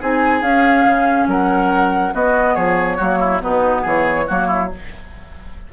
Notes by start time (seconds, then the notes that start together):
0.00 C4 D#4 G#4 G#5
0.41 C#4 F5
0.84 C#3
1.27 F#3 A#4 F#5
2.12 B3 F#4 D#5
2.54 F3 G#4 C#5
2.97 F#3 A#3 F#4
3.19 E4
3.40 B2 B3 D#4 B4
3.82 E3 G#4 C#5
4.26 F#3 A#3 F#4
4.47 E4